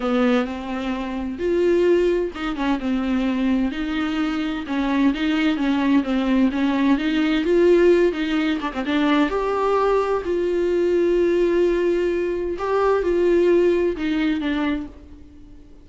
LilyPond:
\new Staff \with { instrumentName = "viola" } { \time 4/4 \tempo 4 = 129 b4 c'2 f'4~ | f'4 dis'8 cis'8 c'2 | dis'2 cis'4 dis'4 | cis'4 c'4 cis'4 dis'4 |
f'4. dis'4 d'16 c'16 d'4 | g'2 f'2~ | f'2. g'4 | f'2 dis'4 d'4 | }